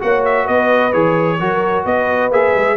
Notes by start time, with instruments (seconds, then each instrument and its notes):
0.00 tuba A#3, trombone F#4, horn C#5, trumpet F#5
0.25 trumpet E5
0.45 tuba B3, horn B4, trumpet D#5
0.93 tuba E3, trombone G#4, trumpet C#5
1.40 tuba F#3, trombone F#4, horn A#4
1.85 tuba B3, horn B4, trumpet D#5
2.31 tuba A#3, trombone G#4, trumpet E5
2.56 tuba G#3